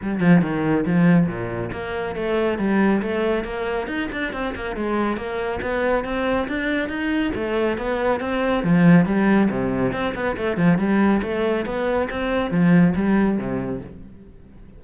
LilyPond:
\new Staff \with { instrumentName = "cello" } { \time 4/4 \tempo 4 = 139 g8 f8 dis4 f4 ais,4 | ais4 a4 g4 a4 | ais4 dis'8 d'8 c'8 ais8 gis4 | ais4 b4 c'4 d'4 |
dis'4 a4 b4 c'4 | f4 g4 c4 c'8 b8 | a8 f8 g4 a4 b4 | c'4 f4 g4 c4 | }